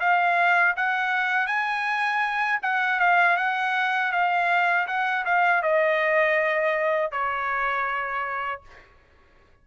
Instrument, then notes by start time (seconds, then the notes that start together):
trumpet
0.00 F5
0.77 F#5
1.47 G#5
2.62 F#5
3.00 F5
3.37 F#5
4.12 F5
4.88 F#5
5.25 F5
5.62 D#5
7.12 C#5